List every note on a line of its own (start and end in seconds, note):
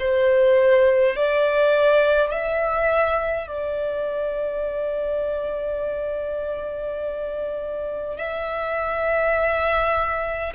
0.00 1.17 C5
1.17 2.32 D5
2.32 3.48 E5
3.48 8.18 D5
8.18 10.53 E5